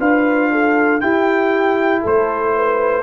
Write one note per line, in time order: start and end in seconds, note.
0.00 1.02 D4
0.00 1.01 F4
0.00 0.51 B4
0.00 1.01 F5
0.52 1.02 A4
1.01 3.04 E4
1.01 2.05 E4
1.01 2.02 G4
1.01 2.03 G5
2.02 3.04 A3
2.02 2.53 A4
2.02 3.04 C5
2.57 3.04 B4